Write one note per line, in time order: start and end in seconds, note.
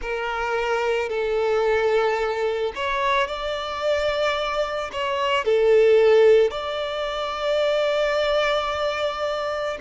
0.01 1.09 A#4
1.09 2.73 A4
2.75 3.27 C#5
3.27 4.90 D5
4.92 5.44 C#5
5.44 6.51 A4
6.51 9.78 D5